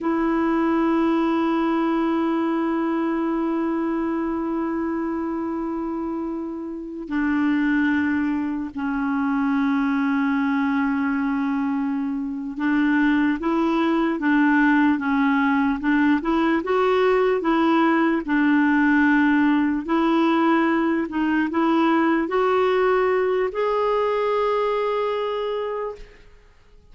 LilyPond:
\new Staff \with { instrumentName = "clarinet" } { \time 4/4 \tempo 4 = 74 e'1~ | e'1~ | e'8. d'2 cis'4~ cis'16~ | cis'2.~ cis'8 d'8~ |
d'8 e'4 d'4 cis'4 d'8 | e'8 fis'4 e'4 d'4.~ | d'8 e'4. dis'8 e'4 fis'8~ | fis'4 gis'2. | }